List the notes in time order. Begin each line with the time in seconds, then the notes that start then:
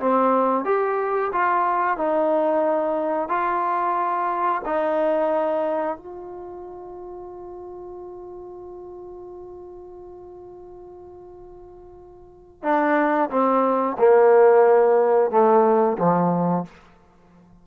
0.00 C4
0.65 G4
1.33 F4
1.98 D#4
3.29 F4
4.66 D#4
5.98 F4
12.63 D4
13.31 C4
13.99 A#3
15.31 A3
15.99 F3